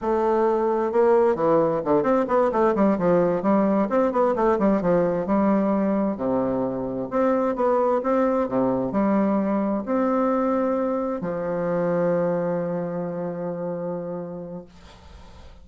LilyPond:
\new Staff \with { instrumentName = "bassoon" } { \time 4/4 \tempo 4 = 131 a2 ais4 e4 | d8 c'8 b8 a8 g8 f4 g8~ | g8 c'8 b8 a8 g8 f4 g8~ | g4. c2 c'8~ |
c'8 b4 c'4 c4 g8~ | g4. c'2~ c'8~ | c'8 f2.~ f8~ | f1 | }